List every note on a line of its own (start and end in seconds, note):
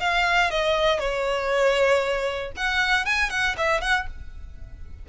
0.00 0.51 F5
0.51 0.99 D#5
0.99 2.52 C#5
2.57 3.06 F#5
3.06 3.30 G#5
3.30 3.56 F#5
3.58 3.81 E5
3.81 4.07 F#5